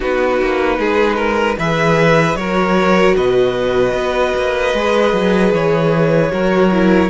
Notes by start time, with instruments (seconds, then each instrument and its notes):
0.00 cello B3, viola D#4, violin F#4 B4
0.41 cello A#3
0.78 cello G#3, violin G#4
1.16 violin A#4
1.58 cello E3, viola G#4, violin B4 E5
2.35 cello F#3, viola F#4, violin A#4 C#5
3.16 cello B2, violin B4 D#5
3.93 cello B3
4.36 cello A#3
4.73 cello G#3, viola G#4
5.12 cello F#3
5.52 cello E3, violin C#5
6.31 cello F#3, viola F#4, violin A#4
6.71 viola E4